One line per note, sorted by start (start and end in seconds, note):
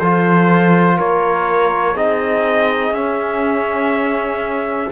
0.00 0.99 F3
0.00 1.96 F4
0.00 0.98 A4
0.00 0.98 C5
0.98 1.96 A#3
0.98 1.94 A#4
0.98 1.97 C#5
1.94 2.92 C4
1.94 2.94 D#4
1.94 4.90 G#4
1.94 2.94 D#5
2.92 4.88 C#4
2.92 4.91 C#4
2.92 4.91 E5